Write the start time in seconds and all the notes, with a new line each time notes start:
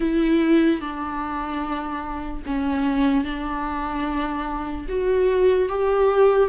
0.00 E4
0.80 D4
2.45 C#4
3.24 D4
4.88 F#4
5.68 G4